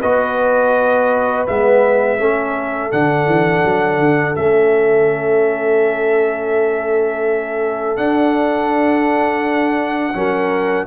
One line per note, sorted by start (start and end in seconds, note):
0.00 1.48 B3
0.00 1.48 F#4
0.00 2.17 B4
0.00 1.46 D#5
1.47 2.20 G#3
1.47 2.19 B3
1.47 2.92 E5
2.19 2.92 A3
2.19 2.91 C#4
2.19 10.14 A4
2.91 3.27 D3
2.91 4.36 D4
2.91 4.36 F#5
3.27 3.63 E3
3.65 3.99 F#3
3.99 4.35 D3
4.36 7.97 A3
4.36 7.97 C#4
4.36 7.97 E5
7.97 10.14 D4
7.97 10.86 F#5
10.15 10.87 F#3
10.15 10.87 C#4
10.15 10.87 A#4